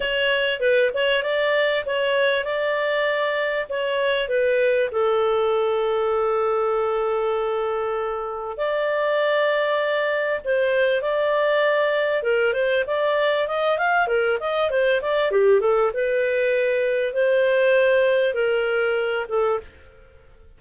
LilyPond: \new Staff \with { instrumentName = "clarinet" } { \time 4/4 \tempo 4 = 98 cis''4 b'8 cis''8 d''4 cis''4 | d''2 cis''4 b'4 | a'1~ | a'2 d''2~ |
d''4 c''4 d''2 | ais'8 c''8 d''4 dis''8 f''8 ais'8 dis''8 | c''8 d''8 g'8 a'8 b'2 | c''2 ais'4. a'8 | }